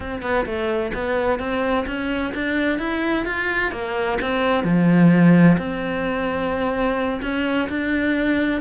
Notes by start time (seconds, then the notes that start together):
0.00 C4
0.22 B3
0.45 A3
0.93 B3
1.39 C4
1.86 C#4
2.34 D4
2.79 E4
3.25 F4
3.71 A#3
4.21 C4
4.64 F3
5.58 C4
7.22 C#4
7.68 D4